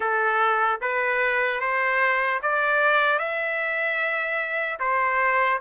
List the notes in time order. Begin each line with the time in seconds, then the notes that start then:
0.00 A4
0.81 B4
1.60 C5
2.42 D5
3.19 E5
4.79 C5